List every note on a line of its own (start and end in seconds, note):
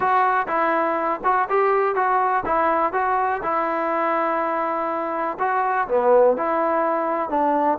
0.00 0.46 F#4
0.47 1.20 E4
1.24 1.48 F#4
1.49 1.95 G4
1.95 2.43 F#4
2.45 2.93 E4
2.93 3.41 F#4
3.42 5.37 E4
5.39 5.87 F#4
5.88 6.36 B3
6.37 7.29 E4
7.29 7.78 D4